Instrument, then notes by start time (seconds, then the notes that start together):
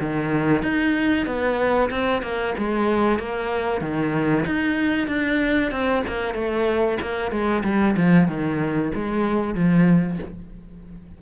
cello
0.00 D#3
0.62 D#4
1.26 B3
1.90 C4
2.22 A#3
2.57 G#3
3.19 A#3
3.80 D#3
4.45 D#4
5.07 D4
5.71 C4
6.07 A#3
6.34 A3
7.01 A#3
7.31 G#3
7.63 G3
7.96 F3
8.27 D#3
8.94 G#3
9.54 F3